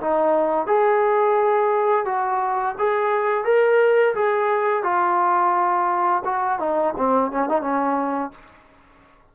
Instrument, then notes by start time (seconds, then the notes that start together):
trombone
0.00 D#4
0.67 G#4
2.05 F#4
2.78 G#4
3.44 A#4
4.14 G#4
4.83 F4
6.24 F#4
6.59 D#4
6.97 C4
7.31 C#4
7.49 D#4
7.61 C#4